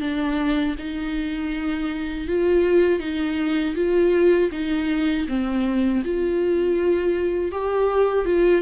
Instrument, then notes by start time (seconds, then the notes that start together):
viola
0.00 D4
0.78 D#4
2.27 F4
2.99 D#4
3.75 F4
4.51 D#4
5.28 C4
6.04 F4
7.51 G4
8.25 F4